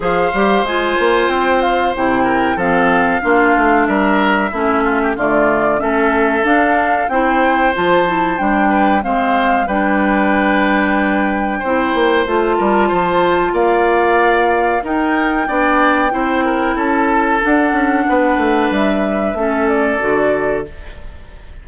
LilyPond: <<
  \new Staff \with { instrumentName = "flute" } { \time 4/4 \tempo 4 = 93 f''4 gis''4 g''8 f''8 g''4 | f''2 e''2 | d''4 e''4 f''4 g''4 | a''4 g''4 f''4 g''4~ |
g''2. a''4~ | a''4 f''2 g''4~ | g''2 a''4 fis''4~ | fis''4 e''4. d''4. | }
  \new Staff \with { instrumentName = "oboe" } { \time 4/4 c''2.~ c''8 ais'8 | a'4 f'4 ais'4 e'8 f'16 g'16 | f'4 a'2 c''4~ | c''4. b'8 c''4 b'4~ |
b'2 c''4. ais'8 | c''4 d''2 ais'4 | d''4 c''8 ais'8 a'2 | b'2 a'2 | }
  \new Staff \with { instrumentName = "clarinet" } { \time 4/4 gis'8 g'8 f'2 e'4 | c'4 d'2 cis'4 | a4 cis'4 d'4 e'4 | f'8 e'8 d'4 c'4 d'4~ |
d'2 e'4 f'4~ | f'2. dis'4 | d'4 e'2 d'4~ | d'2 cis'4 fis'4 | }
  \new Staff \with { instrumentName = "bassoon" } { \time 4/4 f8 g8 gis8 ais8 c'4 c4 | f4 ais8 a8 g4 a4 | d4 a4 d'4 c'4 | f4 g4 gis4 g4~ |
g2 c'8 ais8 a8 g8 | f4 ais2 dis'4 | b4 c'4 cis'4 d'8 cis'8 | b8 a8 g4 a4 d4 | }
>>